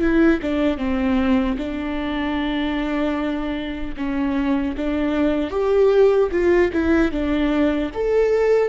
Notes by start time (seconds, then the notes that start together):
0.00 E4
0.42 D4
0.78 C4
1.58 D4
3.97 C#4
4.77 D4
5.50 G4
6.31 F4
6.72 E4
7.11 D4
7.94 A4